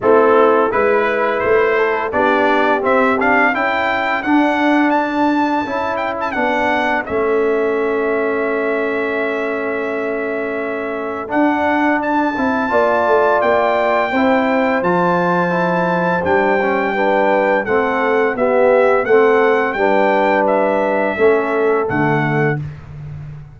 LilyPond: <<
  \new Staff \with { instrumentName = "trumpet" } { \time 4/4 \tempo 4 = 85 a'4 b'4 c''4 d''4 | e''8 f''8 g''4 fis''4 a''4~ | a''8 g''16 a''16 fis''4 e''2~ | e''1 |
fis''4 a''2 g''4~ | g''4 a''2 g''4~ | g''4 fis''4 e''4 fis''4 | g''4 e''2 fis''4 | }
  \new Staff \with { instrumentName = "horn" } { \time 4/4 e'4 b'4. a'8 g'4~ | g'4 a'2.~ | a'1~ | a'1~ |
a'2 d''2 | c''1 | b'4 a'4 g'4 a'4 | b'2 a'2 | }
  \new Staff \with { instrumentName = "trombone" } { \time 4/4 c'4 e'2 d'4 | c'8 d'8 e'4 d'2 | e'4 d'4 cis'2~ | cis'1 |
d'4. e'8 f'2 | e'4 f'4 e'4 d'8 cis'8 | d'4 c'4 b4 c'4 | d'2 cis'4 a4 | }
  \new Staff \with { instrumentName = "tuba" } { \time 4/4 a4 gis4 a4 b4 | c'4 cis'4 d'2 | cis'4 b4 a2~ | a1 |
d'4. c'8 ais8 a8 ais4 | c'4 f2 g4~ | g4 a4 b4 a4 | g2 a4 d4 | }
>>